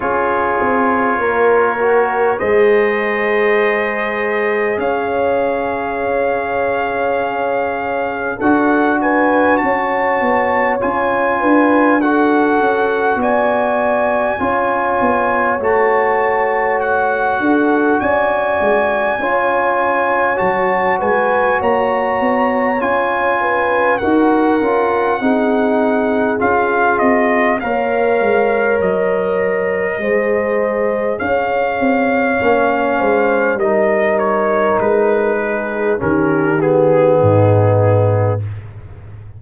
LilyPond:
<<
  \new Staff \with { instrumentName = "trumpet" } { \time 4/4 \tempo 4 = 50 cis''2 dis''2 | f''2. fis''8 gis''8 | a''4 gis''4 fis''4 gis''4~ | gis''4 a''4 fis''4 gis''4~ |
gis''4 a''8 gis''8 ais''4 gis''4 | fis''2 f''8 dis''8 f''4 | dis''2 f''2 | dis''8 cis''8 b'4 ais'8 gis'4. | }
  \new Staff \with { instrumentName = "horn" } { \time 4/4 gis'4 ais'4 c''2 | cis''2. a'8 b'8 | cis''4. b'8 a'4 d''4 | cis''2~ cis''8 a'8 d''4 |
cis''4. b'8 cis''4. b'8 | ais'4 gis'2 cis''4~ | cis''4 c''4 cis''4. c''8 | ais'4. gis'8 g'4 dis'4 | }
  \new Staff \with { instrumentName = "trombone" } { \time 4/4 f'4. fis'8 gis'2~ | gis'2. fis'4~ | fis'4 f'4 fis'2 | f'4 fis'2. |
f'4 fis'2 f'4 | fis'8 f'8 dis'4 f'4 ais'4~ | ais'4 gis'2 cis'4 | dis'2 cis'8 b4. | }
  \new Staff \with { instrumentName = "tuba" } { \time 4/4 cis'8 c'8 ais4 gis2 | cis'2. d'4 | cis'8 b8 cis'8 d'4 cis'8 b4 | cis'8 b8 a4. d'8 cis'8 gis8 |
cis'4 fis8 gis8 ais8 b8 cis'4 | dis'8 cis'8 c'4 cis'8 c'8 ais8 gis8 | fis4 gis4 cis'8 c'8 ais8 gis8 | g4 gis4 dis4 gis,4 | }
>>